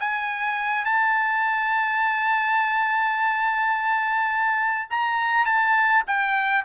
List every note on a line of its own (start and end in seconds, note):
0.00 0.85 G#5
0.85 4.89 A5
4.90 5.45 A#5
5.45 6.03 A5
6.07 6.65 G5